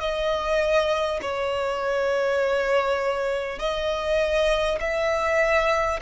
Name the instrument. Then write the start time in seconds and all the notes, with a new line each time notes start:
violin
0.00 D#5
1.22 C#5
3.59 D#5
4.81 E5